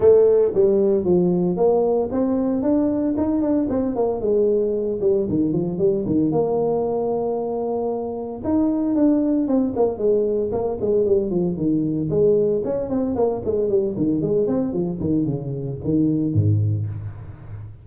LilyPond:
\new Staff \with { instrumentName = "tuba" } { \time 4/4 \tempo 4 = 114 a4 g4 f4 ais4 | c'4 d'4 dis'8 d'8 c'8 ais8 | gis4. g8 dis8 f8 g8 dis8 | ais1 |
dis'4 d'4 c'8 ais8 gis4 | ais8 gis8 g8 f8 dis4 gis4 | cis'8 c'8 ais8 gis8 g8 dis8 gis8 c'8 | f8 dis8 cis4 dis4 gis,4 | }